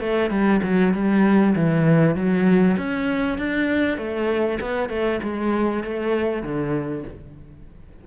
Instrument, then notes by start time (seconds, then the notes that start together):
cello
0.00 A3
0.30 G3
0.63 F#3
0.93 G3
1.55 E3
2.15 F#3
2.77 C#4
3.38 D4
3.98 A3
4.61 B3
4.89 A3
5.23 G#3
5.83 A3
6.43 D3